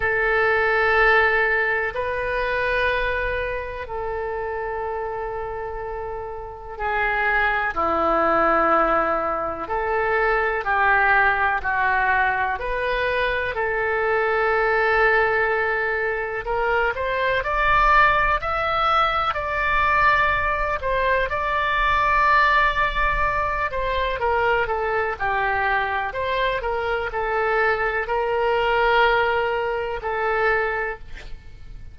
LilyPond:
\new Staff \with { instrumentName = "oboe" } { \time 4/4 \tempo 4 = 62 a'2 b'2 | a'2. gis'4 | e'2 a'4 g'4 | fis'4 b'4 a'2~ |
a'4 ais'8 c''8 d''4 e''4 | d''4. c''8 d''2~ | d''8 c''8 ais'8 a'8 g'4 c''8 ais'8 | a'4 ais'2 a'4 | }